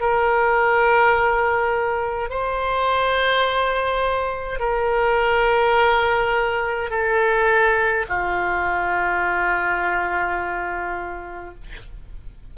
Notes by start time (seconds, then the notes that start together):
0.00 A#4
2.30 C5
4.59 A#4
6.90 A4
8.08 F4